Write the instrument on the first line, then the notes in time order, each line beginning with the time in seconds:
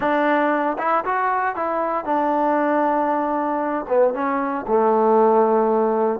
trombone
0.00 D4
0.78 E4
1.04 F#4
1.55 E4
2.04 D4
3.88 B3
4.14 C#4
4.67 A3